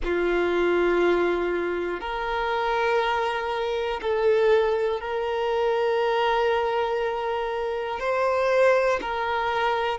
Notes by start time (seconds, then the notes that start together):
0.04 F4
2.00 A#4
4.01 A4
5.00 A#4
8.00 C5
9.00 A#4